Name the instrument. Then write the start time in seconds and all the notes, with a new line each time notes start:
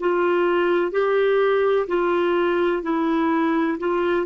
clarinet
0.00 F4
0.91 G4
1.87 F4
2.83 E4
3.79 F4